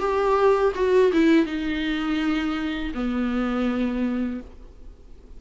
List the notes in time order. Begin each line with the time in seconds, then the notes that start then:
0.00 G4
0.75 F#4
1.13 E4
1.46 D#4
2.95 B3